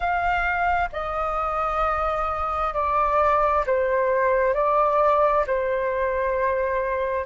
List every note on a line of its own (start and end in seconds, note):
0.00 0.89 F5
0.92 2.73 D#5
2.73 3.64 D5
3.66 4.54 C5
4.54 5.45 D5
5.46 7.25 C5